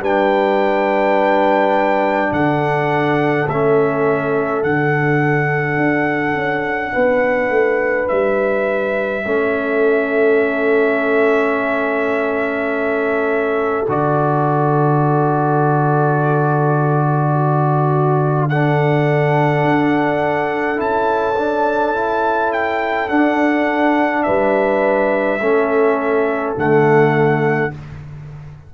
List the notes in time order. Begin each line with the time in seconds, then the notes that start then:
0.00 G3 D4 B4 G5
2.32 D3 A4 F#5
3.49 A3 C#4 E5
4.63 D3 D4 F#5
5.77 D4
6.35 C#4
6.93 B3 B4
7.50 A3
8.08 G3 E5
9.25 A3 C#4 A4
13.88 D3 F#4 D5
17.33 F#4
18.49 D4 A4 F#5
19.64 D4
20.76 C#4 E4 A5
21.38 D4
21.95 E4
22.53 G5
23.09 D4 F#5
24.23 G3 B4 E5
25.40 A3 C#4 A4
26.56 D3 A3 F#5